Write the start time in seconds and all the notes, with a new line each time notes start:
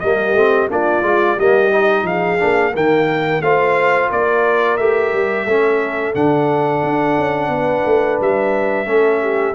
0.00 G3 A#3 G4 D#5
0.33 A3 C4
0.70 A#3 D4 F4 D5
1.03 G#3 F4
1.37 G3 A#3 G4 D#5
1.71 D#4
2.03 F3 G#4 F5
2.39 A#3 D4
2.74 D#3 A#3 A#4 G5
3.41 A3 F4 C5 F5
4.10 A#3 A#4 D5
4.77 A3 G4 E5
5.13 G3
5.45 A3 C#4 A4
6.14 D3 D4 F#5
6.83 D4
7.18 C#4
7.49 B3 B4
7.86 A3
8.20 G3 E5
8.86 A3 C#4 A4
9.22 G4